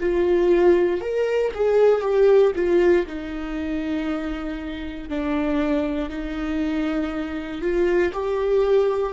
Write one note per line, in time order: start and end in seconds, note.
0.00 1.01 F4
1.01 1.52 A#4
1.54 2.01 G#4
2.01 2.52 G4
2.55 3.06 F4
3.06 5.09 D#4
5.09 6.10 D4
6.10 7.61 D#4
7.61 8.12 F4
8.13 9.13 G4